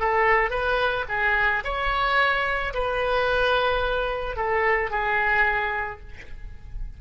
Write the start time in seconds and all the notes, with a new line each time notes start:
0.00 A4
0.51 B4
1.09 G#4
1.65 C#5
2.74 B4
4.36 A4
4.91 G#4